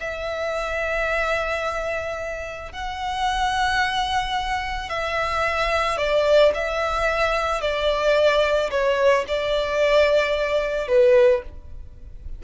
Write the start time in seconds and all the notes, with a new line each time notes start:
0.00 E5
2.72 F#5
4.89 E5
5.97 D5
6.54 E5
7.61 D5
8.70 C#5
9.28 D5
10.88 B4